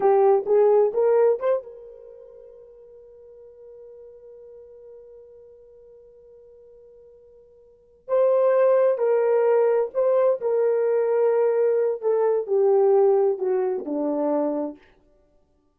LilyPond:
\new Staff \with { instrumentName = "horn" } { \time 4/4 \tempo 4 = 130 g'4 gis'4 ais'4 c''8 ais'8~ | ais'1~ | ais'1~ | ais'1~ |
ais'4. c''2 ais'8~ | ais'4. c''4 ais'4.~ | ais'2 a'4 g'4~ | g'4 fis'4 d'2 | }